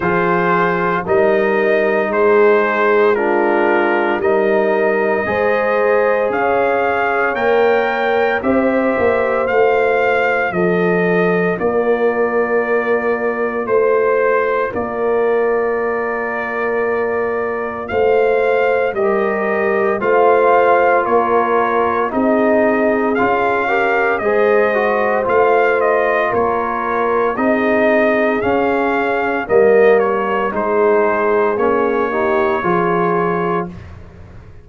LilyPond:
<<
  \new Staff \with { instrumentName = "trumpet" } { \time 4/4 \tempo 4 = 57 c''4 dis''4 c''4 ais'4 | dis''2 f''4 g''4 | e''4 f''4 dis''4 d''4~ | d''4 c''4 d''2~ |
d''4 f''4 dis''4 f''4 | cis''4 dis''4 f''4 dis''4 | f''8 dis''8 cis''4 dis''4 f''4 | dis''8 cis''8 c''4 cis''2 | }
  \new Staff \with { instrumentName = "horn" } { \time 4/4 gis'4 ais'4 gis'4 f'4 | ais'4 c''4 cis''2 | c''2 a'4 ais'4~ | ais'4 c''4 ais'2~ |
ais'4 c''4 ais'4 c''4 | ais'4 gis'4. ais'8 c''4~ | c''4 ais'4 gis'2 | ais'4 gis'4. g'8 gis'4 | }
  \new Staff \with { instrumentName = "trombone" } { \time 4/4 f'4 dis'2 d'4 | dis'4 gis'2 ais'4 | g'4 f'2.~ | f'1~ |
f'2 g'4 f'4~ | f'4 dis'4 f'8 g'8 gis'8 fis'8 | f'2 dis'4 cis'4 | ais4 dis'4 cis'8 dis'8 f'4 | }
  \new Staff \with { instrumentName = "tuba" } { \time 4/4 f4 g4 gis2 | g4 gis4 cis'4 ais4 | c'8 ais8 a4 f4 ais4~ | ais4 a4 ais2~ |
ais4 a4 g4 a4 | ais4 c'4 cis'4 gis4 | a4 ais4 c'4 cis'4 | g4 gis4 ais4 f4 | }
>>